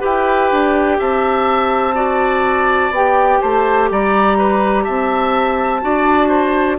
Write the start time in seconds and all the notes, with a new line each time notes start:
0.00 E4 G4 B4 G5
0.51 D4
0.99 C4 E5 A5
1.95 F#4 D5
2.91 B3 G4 G5
3.41 A3 C5 A5
3.91 G3 D5 A#5
4.38 B4
4.84 C4 E5 A5
5.82 D4 F#4 D5
6.28 C5